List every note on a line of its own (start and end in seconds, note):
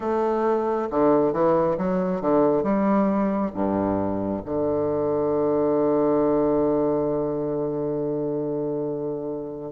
0.00 0.88 A3
0.90 1.32 D3
1.32 1.76 E3
1.77 2.21 F#3
2.21 2.63 D3
2.63 3.51 G3
3.53 4.42 G2
4.45 9.72 D3